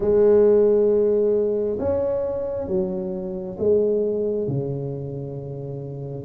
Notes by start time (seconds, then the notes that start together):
0.00 G#3
1.79 C#4
2.67 F#3
3.58 G#3
4.47 C#3